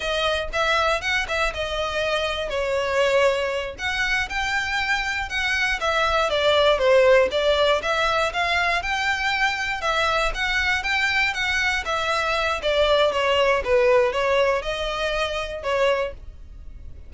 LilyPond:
\new Staff \with { instrumentName = "violin" } { \time 4/4 \tempo 4 = 119 dis''4 e''4 fis''8 e''8 dis''4~ | dis''4 cis''2~ cis''8 fis''8~ | fis''8 g''2 fis''4 e''8~ | e''8 d''4 c''4 d''4 e''8~ |
e''8 f''4 g''2 e''8~ | e''8 fis''4 g''4 fis''4 e''8~ | e''4 d''4 cis''4 b'4 | cis''4 dis''2 cis''4 | }